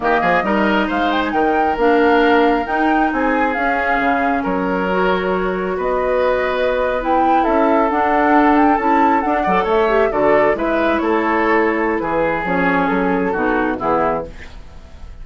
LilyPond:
<<
  \new Staff \with { instrumentName = "flute" } { \time 4/4 \tempo 4 = 135 dis''2 f''8 g''16 gis''16 g''4 | f''2 g''4 gis''4 | f''2 cis''2~ | cis''4 dis''2~ dis''8. g''16~ |
g''8. e''4 fis''4. g''8 a''16~ | a''8. fis''4 e''4 d''4 e''16~ | e''8. cis''2~ cis''16 b'4 | cis''4 a'2 gis'4 | }
  \new Staff \with { instrumentName = "oboe" } { \time 4/4 g'8 gis'8 ais'4 c''4 ais'4~ | ais'2. gis'4~ | gis'2 ais'2~ | ais'4 b'2.~ |
b'8. a'2.~ a'16~ | a'4~ a'16 d''8 cis''4 a'4 b'16~ | b'8. a'2~ a'16 gis'4~ | gis'2 fis'4 e'4 | }
  \new Staff \with { instrumentName = "clarinet" } { \time 4/4 ais4 dis'2. | d'2 dis'2 | cis'2. fis'4~ | fis'2.~ fis'8. e'16~ |
e'4.~ e'16 d'2 e'16~ | e'8. d'8 a'4 g'8 fis'4 e'16~ | e'1 | cis'2 dis'4 b4 | }
  \new Staff \with { instrumentName = "bassoon" } { \time 4/4 dis8 f8 g4 gis4 dis4 | ais2 dis'4 c'4 | cis'4 cis4 fis2~ | fis4 b2.~ |
b8. cis'4 d'2 cis'16~ | cis'8. d'8 fis8 a4 d4 gis16~ | gis8. a2~ a16 e4 | f4 fis4 b,4 e4 | }
>>